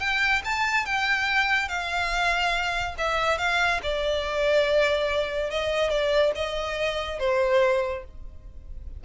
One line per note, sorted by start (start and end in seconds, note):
0.00 0.42 G5
0.45 0.86 A5
0.86 1.69 G5
1.69 2.96 F5
2.98 3.38 E5
3.38 3.80 F5
3.83 5.51 D5
5.51 5.90 D#5
5.90 6.32 D5
6.35 7.20 D#5
7.20 8.04 C5